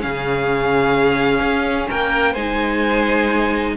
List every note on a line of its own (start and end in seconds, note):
0.00 1.39 C#3
0.00 2.34 C#4
0.00 1.88 G#4
0.00 1.89 F5
1.39 1.86 C#4
1.88 2.35 A#3
1.88 2.33 A#4
1.88 2.34 G5
2.33 3.75 G#3
2.33 3.77 D#4
2.33 3.73 C5
2.33 3.75 G#5